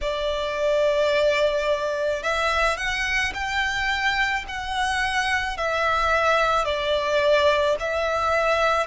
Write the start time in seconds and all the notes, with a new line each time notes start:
0.01 D5
2.22 E5
2.77 F#5
3.33 G5
4.47 F#5
5.57 E5
6.64 D5
7.79 E5